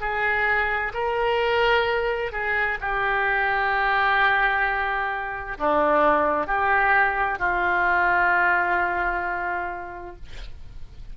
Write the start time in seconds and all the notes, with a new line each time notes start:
0.00 G#4
0.93 A#4
2.32 G#4
2.80 G4
5.58 D4
6.46 G4
7.38 F4